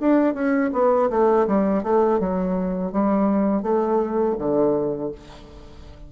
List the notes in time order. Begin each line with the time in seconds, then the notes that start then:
0.00 D4
0.34 C#4
0.73 B3
1.10 A3
1.47 G3
1.83 A3
2.20 F#3
2.92 G3
3.62 A3
4.38 D3